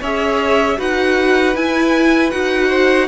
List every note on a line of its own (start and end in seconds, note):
0.00 0.78 C#4
0.00 0.77 G#4
0.00 0.77 C#5
0.00 0.79 E5
0.77 1.55 D#4
0.77 1.54 F#4
0.77 2.68 B4
0.77 1.56 F#5
1.55 2.32 E4
1.55 2.31 E4
1.55 2.31 G#5
2.31 3.07 D#4
2.31 3.07 F#4
2.31 3.07 F#5
2.68 3.06 C5